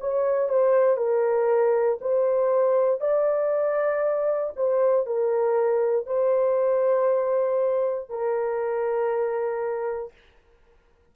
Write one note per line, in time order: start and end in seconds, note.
0.00 0.49 C#5
0.49 0.97 C5
0.97 1.99 A#4
2.01 3.01 C5
3.01 4.53 D5
4.56 5.06 C5
5.06 6.06 A#4
6.06 8.09 C5
8.09 10.13 A#4